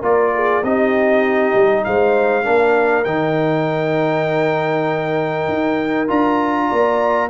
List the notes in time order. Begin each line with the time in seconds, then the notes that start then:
0.00 A#3 F4 A#4 D5
0.34 G#4
0.62 C4 D#4 G4 D#5
1.55 G3
1.84 G#3 C5 F5
2.43 A#3 D4 A#4
3.04 D#3 D#4 G5
5.48 D#4
6.08 D4 F4 A#5
6.69 A#3 D5